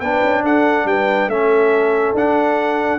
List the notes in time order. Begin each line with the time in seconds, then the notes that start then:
0.00 B3 D4 B4 G5
0.24 C#4
0.43 D4 A4 F#5
0.85 G3 B4 G5
1.27 A3 C#4 A4 E5
2.14 D4 F#5